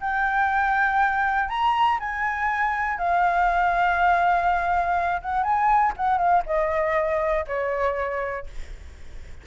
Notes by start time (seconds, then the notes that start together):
0.00 G5
1.49 A#5
1.99 G#5
2.98 F5
5.21 F#5
5.43 G#5
5.97 F#5
6.18 F5
6.46 D#5
7.47 C#5